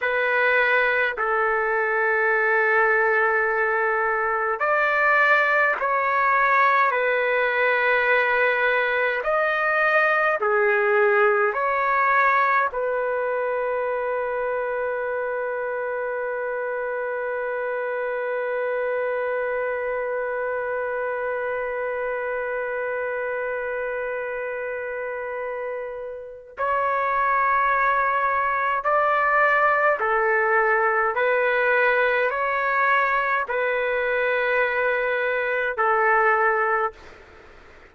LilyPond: \new Staff \with { instrumentName = "trumpet" } { \time 4/4 \tempo 4 = 52 b'4 a'2. | d''4 cis''4 b'2 | dis''4 gis'4 cis''4 b'4~ | b'1~ |
b'1~ | b'2. cis''4~ | cis''4 d''4 a'4 b'4 | cis''4 b'2 a'4 | }